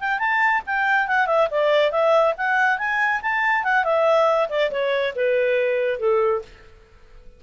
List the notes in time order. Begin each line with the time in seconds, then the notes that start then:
0.00 G5
0.19 A5
0.66 G5
1.08 F#5
1.27 E5
1.51 D5
1.92 E5
2.38 F#5
2.78 G#5
3.22 A5
3.64 F#5
3.84 E5
4.49 D5
4.71 C#5
5.16 B4
5.99 A4